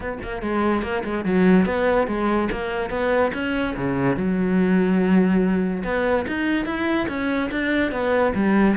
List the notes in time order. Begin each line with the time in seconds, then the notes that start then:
0.00 B3
0.22 A#3
0.42 G#3
0.82 A#3
1.04 G#3
1.25 F#3
1.65 B3
2.07 G#3
2.51 A#3
2.89 B3
3.33 C#4
3.76 C#3
4.16 F#3
5.84 B3
6.27 D#4
6.65 E4
7.08 C#4
7.51 D4
7.91 B3
8.34 G3